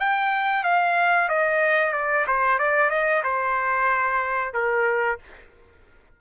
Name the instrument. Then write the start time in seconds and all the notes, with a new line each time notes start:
trumpet
0.00 G5
0.64 F5
1.29 D#5
1.93 D5
2.27 C5
2.59 D5
2.91 D#5
3.24 C5
4.54 A#4